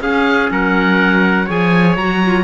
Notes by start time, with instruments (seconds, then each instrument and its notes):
0.00 cello C#4, clarinet C#4, trumpet G#4, oboe F5
0.51 cello F#3, trumpet A#4, oboe F#5
1.45 cello F3, clarinet G#4, trumpet C#5, oboe G#5
1.96 cello F#3, clarinet F#4, oboe A#5
2.25 clarinet F4